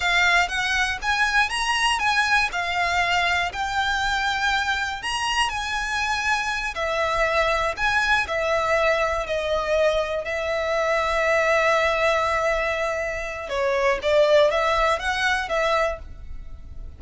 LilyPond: \new Staff \with { instrumentName = "violin" } { \time 4/4 \tempo 4 = 120 f''4 fis''4 gis''4 ais''4 | gis''4 f''2 g''4~ | g''2 ais''4 gis''4~ | gis''4. e''2 gis''8~ |
gis''8 e''2 dis''4.~ | dis''8 e''2.~ e''8~ | e''2. cis''4 | d''4 e''4 fis''4 e''4 | }